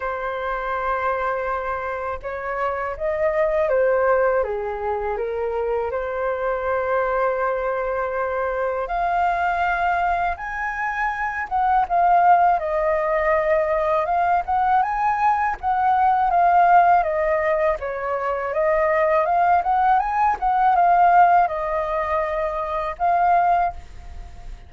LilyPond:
\new Staff \with { instrumentName = "flute" } { \time 4/4 \tempo 4 = 81 c''2. cis''4 | dis''4 c''4 gis'4 ais'4 | c''1 | f''2 gis''4. fis''8 |
f''4 dis''2 f''8 fis''8 | gis''4 fis''4 f''4 dis''4 | cis''4 dis''4 f''8 fis''8 gis''8 fis''8 | f''4 dis''2 f''4 | }